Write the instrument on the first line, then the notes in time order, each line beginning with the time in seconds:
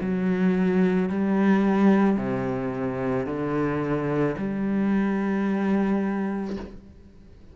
cello
0.00 F#3
1.09 G3
2.17 C3
3.26 D3
4.38 G3